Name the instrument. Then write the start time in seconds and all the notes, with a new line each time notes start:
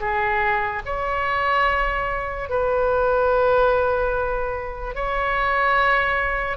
oboe
0.00 G#4
0.85 C#5
2.49 B4
4.95 C#5